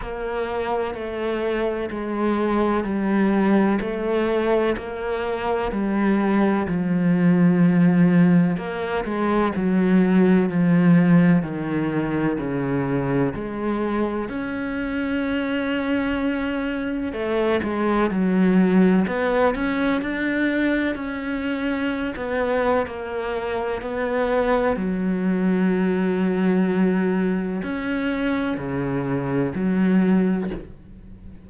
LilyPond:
\new Staff \with { instrumentName = "cello" } { \time 4/4 \tempo 4 = 63 ais4 a4 gis4 g4 | a4 ais4 g4 f4~ | f4 ais8 gis8 fis4 f4 | dis4 cis4 gis4 cis'4~ |
cis'2 a8 gis8 fis4 | b8 cis'8 d'4 cis'4~ cis'16 b8. | ais4 b4 fis2~ | fis4 cis'4 cis4 fis4 | }